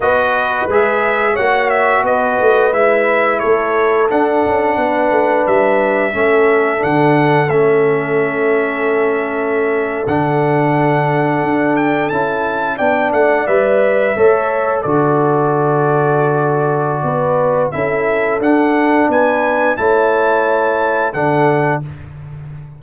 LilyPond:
<<
  \new Staff \with { instrumentName = "trumpet" } { \time 4/4 \tempo 4 = 88 dis''4 e''4 fis''8 e''8 dis''4 | e''4 cis''4 fis''2 | e''2 fis''4 e''4~ | e''2~ e''8. fis''4~ fis''16~ |
fis''4~ fis''16 g''8 a''4 g''8 fis''8 e''16~ | e''4.~ e''16 d''2~ d''16~ | d''2 e''4 fis''4 | gis''4 a''2 fis''4 | }
  \new Staff \with { instrumentName = "horn" } { \time 4/4 b'2 cis''4 b'4~ | b'4 a'2 b'4~ | b'4 a'2.~ | a'1~ |
a'2~ a'8. d''4~ d''16~ | d''8. cis''4 a'2~ a'16~ | a'4 b'4 a'2 | b'4 cis''2 a'4 | }
  \new Staff \with { instrumentName = "trombone" } { \time 4/4 fis'4 gis'4 fis'2 | e'2 d'2~ | d'4 cis'4 d'4 cis'4~ | cis'2~ cis'8. d'4~ d'16~ |
d'4.~ d'16 e'4 d'4 b'16~ | b'8. a'4 fis'2~ fis'16~ | fis'2 e'4 d'4~ | d'4 e'2 d'4 | }
  \new Staff \with { instrumentName = "tuba" } { \time 4/4 b4 gis4 ais4 b8 a8 | gis4 a4 d'8 cis'8 b8 a8 | g4 a4 d4 a4~ | a2~ a8. d4~ d16~ |
d8. d'4 cis'4 b8 a8 g16~ | g8. a4 d2~ d16~ | d4 b4 cis'4 d'4 | b4 a2 d4 | }
>>